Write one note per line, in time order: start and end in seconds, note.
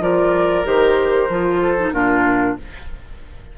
0.00 0.64 F3
0.00 0.64 F4
0.00 1.61 A#4
0.00 0.66 D5
0.64 1.29 D#3
0.64 1.28 G4
0.64 1.93 C5
1.29 1.93 F3
1.29 1.78 F4
1.62 1.93 A4
1.78 1.94 D#4
1.93 2.56 A#2
1.93 2.57 D4
1.93 2.57 F4
1.93 2.56 A#4